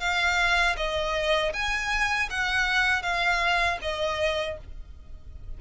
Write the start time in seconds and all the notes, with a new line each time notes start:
0.00 F5
0.77 D#5
1.53 G#5
2.30 F#5
3.02 F5
3.81 D#5